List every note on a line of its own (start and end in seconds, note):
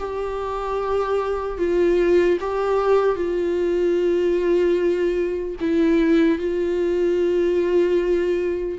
0.00 1.59 G4
1.59 2.39 F4
2.41 3.16 G4
3.16 5.56 F4
5.61 6.39 E4
6.39 8.79 F4